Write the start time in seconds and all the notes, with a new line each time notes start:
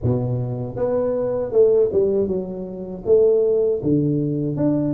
0.02 B2
0.76 B3
1.52 A3
1.92 G3
2.27 F#3
3.05 A3
3.83 D3
4.56 D4